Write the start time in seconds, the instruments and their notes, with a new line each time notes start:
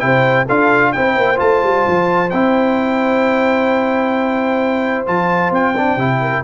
0.00 tuba C3, trombone E4, horn C5, trumpet G5
0.46 tuba D4, trombone F4, horn A4, trumpet F5
0.93 tuba C4, trombone E4, horn C5, trumpet G5
1.16 tuba A#3
1.37 tuba A3, trombone F4, trumpet A5
1.64 tuba G3
1.88 tuba F3
2.31 tuba C4, trombone E4, trumpet G5
5.07 tuba F3, trombone F4, trumpet A5
5.51 tuba C4, trumpet G5
5.77 trombone D4
5.97 tuba C3, trombone E4
6.21 horn A#4